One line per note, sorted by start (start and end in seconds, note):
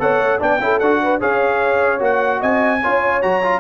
0.00 0.20 B3
0.00 0.40 A4
0.00 0.41 C#5
0.00 0.41 F#5
0.20 0.40 A3
0.40 0.60 B3
0.40 0.60 D4
0.40 0.61 D5
0.40 0.80 G5
0.60 0.80 C#4
0.60 0.81 E4
0.60 1.03 A4
0.80 1.21 D4
0.80 1.21 F#4
0.80 1.20 F#5
1.03 1.21 B4
1.21 2.01 C#4
1.21 1.99 G#4
1.21 2.41 C#5
1.21 2.02 F5
1.99 2.41 A#3
1.99 2.80 F#4
1.99 2.42 F#5
2.41 2.83 C4
2.41 2.81 D#5
2.41 3.22 G#5
2.82 3.24 C#4
2.82 3.22 F4
2.82 3.60 C#5
3.22 3.60 F#3
3.22 3.43 F#4
3.22 3.60 A#5
3.43 3.60 F4